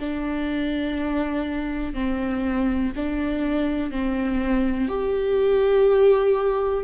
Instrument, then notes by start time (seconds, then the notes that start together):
viola
0.00 D4
1.94 C4
2.96 D4
3.91 C4
4.89 G4